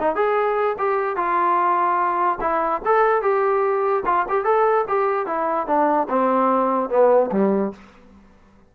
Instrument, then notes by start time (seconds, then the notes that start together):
trombone
0.00 D#4
0.16 G#4
0.79 G4
1.17 F4
2.41 E4
2.86 A4
3.22 G4
4.06 F4
4.29 G4
4.45 A4
4.88 G4
5.27 E4
5.67 D4
6.09 C4
6.90 B3
7.32 G3